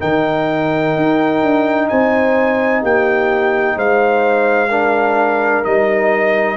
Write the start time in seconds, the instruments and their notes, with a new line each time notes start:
0.00 tuba D#3, trombone D#4, horn A#4, trumpet G5
0.97 tuba D#4
1.42 tuba D4
1.89 tuba C4, horn C5, trumpet G#5
2.82 tuba A#3, horn G4, trumpet G5
3.77 tuba G#3, horn C5, trumpet F5
4.70 trombone D4, horn A#4
5.64 tuba G3, trombone D#4, trumpet D#5